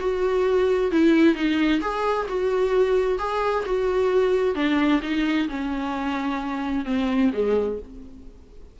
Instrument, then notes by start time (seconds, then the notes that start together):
viola
0.00 F#4
0.91 E4
1.35 D#4
1.81 G#4
2.28 F#4
3.19 G#4
3.66 F#4
4.55 D4
5.02 D#4
5.49 C#4
6.85 C4
7.33 G#3